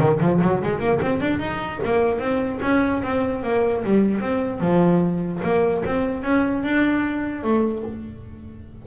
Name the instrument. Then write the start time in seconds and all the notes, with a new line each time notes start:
double bass
0.00 D#3
0.21 F3
0.42 F#3
0.63 G#3
0.79 A#3
1.02 C4
1.21 D4
1.39 D#4
1.85 A#3
2.19 C4
2.62 C#4
3.03 C4
3.43 A#3
3.84 G3
4.21 C4
4.61 F3
5.43 A#3
5.86 C4
6.23 C#4
6.64 D4
7.43 A3